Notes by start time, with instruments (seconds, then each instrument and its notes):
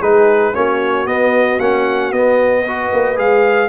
0.00 tuba G#3, trombone D#4, horn G#4, trumpet B4
0.54 tuba A#3, trombone C#4, horn F#4, trumpet C#5
1.06 tuba B3, trombone B3, trumpet D#5
1.60 tuba A#3, trombone C#4, trumpet F#5
2.12 tuba B3, trombone B3, trumpet D#5
2.67 trombone F#4, horn B4
2.93 tuba A#3
3.16 tuba G#3, trombone G#4, trumpet F5